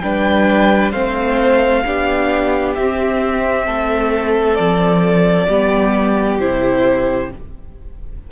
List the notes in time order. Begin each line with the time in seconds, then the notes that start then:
0.00 G3 D4 B4 G5
0.92 A3 C4 C5 F5
1.86 B3 D4 G4
2.75 C4 E5
3.66 A3 A4
4.55 F3 D5
5.48 G3 B3 G4
6.39 C3 E4 C5